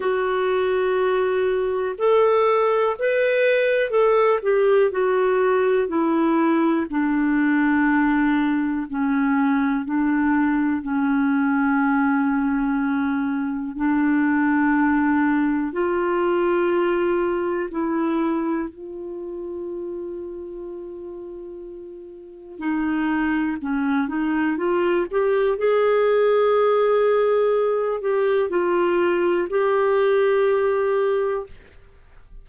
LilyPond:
\new Staff \with { instrumentName = "clarinet" } { \time 4/4 \tempo 4 = 61 fis'2 a'4 b'4 | a'8 g'8 fis'4 e'4 d'4~ | d'4 cis'4 d'4 cis'4~ | cis'2 d'2 |
f'2 e'4 f'4~ | f'2. dis'4 | cis'8 dis'8 f'8 g'8 gis'2~ | gis'8 g'8 f'4 g'2 | }